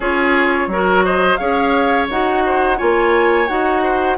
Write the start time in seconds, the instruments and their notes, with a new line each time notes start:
0.00 bassoon C#4, clarinet F4, oboe G#4, flute C#5
0.67 bassoon F#3, clarinet F#4, oboe A#4
1.04 oboe C5, flute D#5
1.36 bassoon C#4, clarinet G#4, oboe C#5, flute F5
2.10 bassoon D#4, clarinet F#4, flute F#5
2.45 oboe C5
2.76 bassoon A#3, clarinet F4, oboe C#5, flute G#5
3.47 bassoon D#4, clarinet F#4, flute F#5
3.82 oboe C5